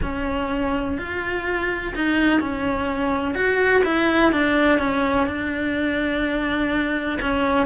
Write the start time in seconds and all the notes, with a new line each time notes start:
0.02 C#4
0.98 F4
1.95 D#4
2.40 C#4
3.34 F#4
3.84 E4
4.32 D4
4.78 C#4
5.26 D4
7.21 C#4